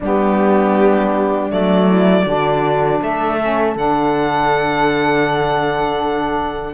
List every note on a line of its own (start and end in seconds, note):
0.00 1.51 G3
0.00 1.49 B3
0.00 1.86 D4
0.00 1.51 G4
1.49 2.25 F#3
1.49 2.24 A3
1.49 3.01 D5
1.86 2.24 E4
2.25 3.00 D3
2.25 3.39 D4
2.25 3.01 F#4
3.01 3.75 A3
3.01 6.74 A4
3.01 3.77 E5
3.40 3.76 C#4
3.75 6.74 D3
3.75 6.74 D4
3.75 6.74 F#5